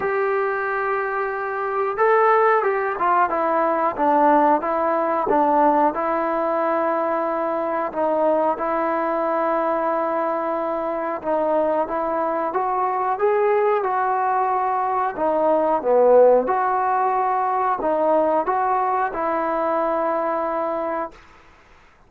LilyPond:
\new Staff \with { instrumentName = "trombone" } { \time 4/4 \tempo 4 = 91 g'2. a'4 | g'8 f'8 e'4 d'4 e'4 | d'4 e'2. | dis'4 e'2.~ |
e'4 dis'4 e'4 fis'4 | gis'4 fis'2 dis'4 | b4 fis'2 dis'4 | fis'4 e'2. | }